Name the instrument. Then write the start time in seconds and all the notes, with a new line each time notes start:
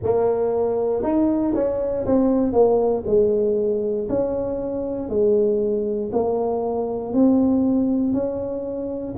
tuba
0.03 A#3
1.03 D#4
1.54 C#4
2.06 C4
2.52 A#3
3.06 G#3
4.09 C#4
5.08 G#3
6.12 A#3
7.13 C4
8.13 C#4